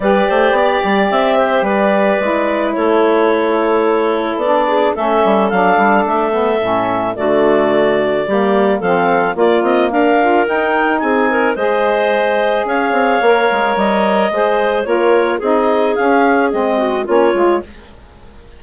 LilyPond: <<
  \new Staff \with { instrumentName = "clarinet" } { \time 4/4 \tempo 4 = 109 d''2 e''4 d''4~ | d''4 cis''2. | d''4 e''4 f''4 e''4~ | e''4 d''2. |
f''4 d''8 dis''8 f''4 g''4 | gis''4 dis''2 f''4~ | f''4 dis''2 cis''4 | dis''4 f''4 dis''4 cis''4 | }
  \new Staff \with { instrumentName = "clarinet" } { \time 4/4 b'8 c''8 d''4. c''8 b'4~ | b'4 a'2.~ | a'8 gis'8 a'2.~ | a'4 fis'2 g'4 |
a'4 f'4 ais'2 | gis'8 ais'8 c''2 cis''4~ | cis''2 c''4 ais'4 | gis'2~ gis'8 fis'8 f'4 | }
  \new Staff \with { instrumentName = "saxophone" } { \time 4/4 g'1 | e'1 | d'4 cis'4 d'4. b8 | cis'4 a2 ais4 |
c'4 ais4. f'8 dis'4~ | dis'4 gis'2. | ais'2 gis'4 f'4 | dis'4 cis'4 c'4 cis'8 f'8 | }
  \new Staff \with { instrumentName = "bassoon" } { \time 4/4 g8 a8 b8 g8 c'4 g4 | gis4 a2. | b4 a8 g8 fis8 g8 a4 | a,4 d2 g4 |
f4 ais8 c'8 d'4 dis'4 | c'4 gis2 cis'8 c'8 | ais8 gis8 g4 gis4 ais4 | c'4 cis'4 gis4 ais8 gis8 | }
>>